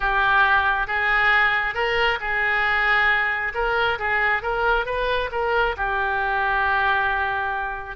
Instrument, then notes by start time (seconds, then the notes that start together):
oboe
0.00 G4
0.87 G#4
1.74 A#4
2.20 G#4
3.54 A#4
3.98 G#4
4.42 A#4
4.85 B4
5.31 A#4
5.76 G4